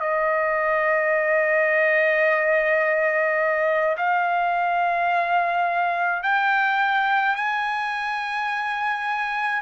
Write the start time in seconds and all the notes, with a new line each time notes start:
0.00 D#5
3.97 F5
6.23 G5
7.35 G#5